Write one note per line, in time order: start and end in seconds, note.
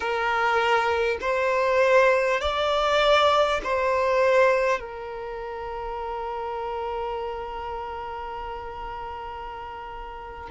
0.00 1.18 A#4
1.21 2.40 C5
2.40 3.60 D5
3.63 4.79 C5
4.79 10.49 A#4